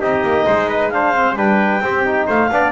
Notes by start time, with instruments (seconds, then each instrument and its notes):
0.00 double bass C4, trombone D#4, trumpet G4, clarinet D#5
0.23 double bass A#3
0.47 double bass G#3, trumpet C5
0.70 trumpet B4
0.90 trombone D4, trumpet C5, clarinet F5
1.16 trombone C4
1.36 double bass G3, trombone D4, trumpet B4, clarinet G5
1.81 double bass C4, trombone C4, trumpet G4
2.05 trombone D#4
2.27 double bass A3, trumpet C5, clarinet F5
2.51 double bass B3, trombone D4, trumpet D5